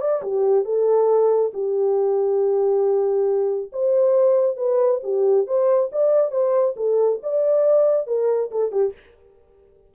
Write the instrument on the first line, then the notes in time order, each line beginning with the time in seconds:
horn
0.00 D5
0.22 G4
0.64 A4
1.53 G4
3.72 C5
4.56 B4
5.03 G4
5.46 C5
5.92 D5
6.31 C5
6.76 A4
7.23 D5
8.07 A#4
8.51 A4
8.71 G4